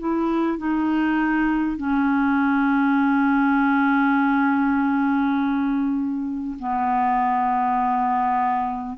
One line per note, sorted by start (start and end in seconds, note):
0.00 0.58 E4
0.58 1.78 D#4
1.78 6.58 C#4
6.59 8.98 B3